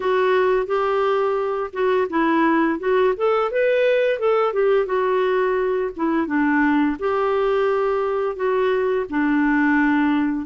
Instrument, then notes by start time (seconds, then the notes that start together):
clarinet
0.00 F#4
0.66 G4
1.72 F#4
2.09 E4
2.79 F#4
3.16 A4
3.51 B4
4.19 A4
4.53 G4
4.86 F#4
5.96 E4
6.27 D4
6.99 G4
8.36 F#4
9.09 D4